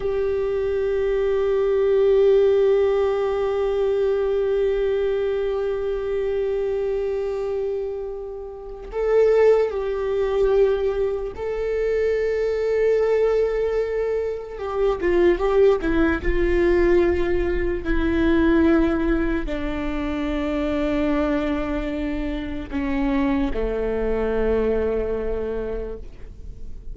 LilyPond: \new Staff \with { instrumentName = "viola" } { \time 4/4 \tempo 4 = 74 g'1~ | g'1~ | g'2. a'4 | g'2 a'2~ |
a'2 g'8 f'8 g'8 e'8 | f'2 e'2 | d'1 | cis'4 a2. | }